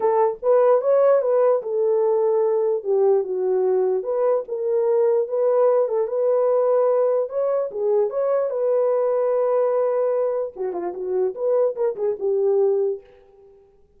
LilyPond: \new Staff \with { instrumentName = "horn" } { \time 4/4 \tempo 4 = 148 a'4 b'4 cis''4 b'4 | a'2. g'4 | fis'2 b'4 ais'4~ | ais'4 b'4. a'8 b'4~ |
b'2 cis''4 gis'4 | cis''4 b'2.~ | b'2 fis'8 f'8 fis'4 | b'4 ais'8 gis'8 g'2 | }